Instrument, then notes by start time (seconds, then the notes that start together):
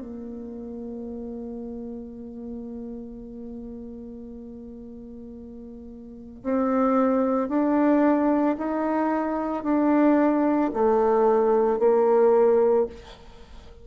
bassoon
0.00 A#3
6.43 C4
7.49 D4
8.58 D#4
9.63 D4
10.73 A3
11.79 A#3